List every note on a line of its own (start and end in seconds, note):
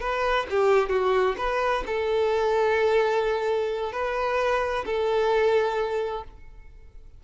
0.00 0.46 B4
0.50 0.89 G4
0.89 1.35 F#4
1.37 1.84 B4
1.86 3.92 A4
3.92 4.85 B4
4.85 6.24 A4